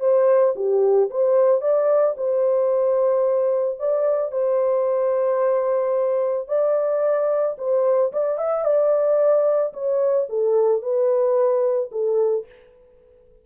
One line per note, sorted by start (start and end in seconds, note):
0.00 0.54 C5
0.56 1.10 G4
1.10 1.61 C5
1.61 2.15 D5
2.17 3.79 C5
3.79 4.32 D5
4.32 6.48 C5
6.48 7.56 D5
7.58 8.12 C5
8.12 8.38 D5
8.38 8.64 E5
8.64 9.72 D5
9.73 10.27 C#5
10.29 10.82 A4
10.82 11.90 B4
11.91 12.45 A4